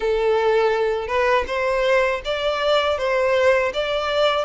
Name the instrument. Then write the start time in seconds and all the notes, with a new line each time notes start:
violin
0.00 A4
1.07 B4
1.46 C5
2.25 D5
2.98 C5
3.73 D5